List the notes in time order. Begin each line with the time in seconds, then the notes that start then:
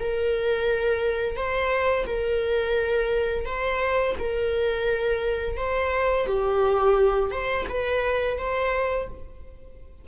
0.00 A#4
1.36 C5
2.06 A#4
3.45 C5
4.19 A#4
5.57 C5
6.27 G4
7.31 C5
7.69 B4
8.38 C5